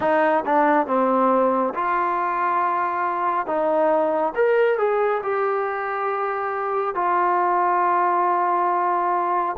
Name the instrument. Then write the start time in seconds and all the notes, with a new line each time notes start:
trombone
0.00 D#4
0.45 D4
0.87 C4
1.74 F4
3.46 D#4
4.35 A#4
4.78 G#4
5.22 G4
6.94 F4